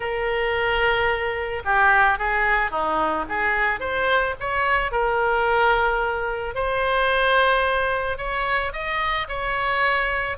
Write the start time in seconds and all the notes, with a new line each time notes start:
0.00 A#4
1.64 G4
2.18 G#4
2.70 D#4
3.28 G#4
3.80 C5
4.40 C#5
4.91 A#4
6.55 C5
8.17 C#5
8.72 D#5
9.28 C#5